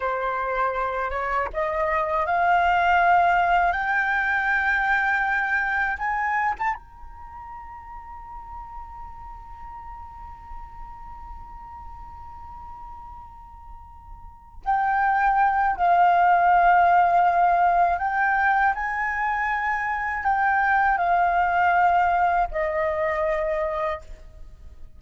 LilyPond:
\new Staff \with { instrumentName = "flute" } { \time 4/4 \tempo 4 = 80 c''4. cis''8 dis''4 f''4~ | f''4 g''2. | gis''8. a''16 ais''2.~ | ais''1~ |
ais''2.~ ais''8 g''8~ | g''4 f''2. | g''4 gis''2 g''4 | f''2 dis''2 | }